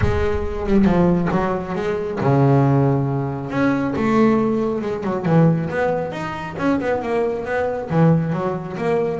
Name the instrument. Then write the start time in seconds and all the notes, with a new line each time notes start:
double bass
0.01 G#3
0.66 G3
0.84 F3
1.31 F#3
1.75 G#3
2.20 C#3
3.50 C#4
3.96 A3
4.81 G#3
5.03 F#3
5.25 E3
5.69 B3
6.11 D#4
6.58 C#4
6.80 B3
7.02 A#3
7.45 B3
7.90 E3
8.32 F#3
8.77 A#3